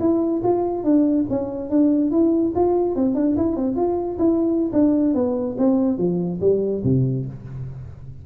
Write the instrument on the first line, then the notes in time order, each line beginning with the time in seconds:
tuba
0.00 E4
0.43 F4
0.84 D4
1.29 C#4
1.70 D4
2.11 E4
2.55 F4
2.95 C4
3.15 D4
3.37 E4
3.56 C4
3.76 F4
4.19 E4
4.73 D4
5.14 B3
5.58 C4
5.98 F3
6.41 G3
6.84 C3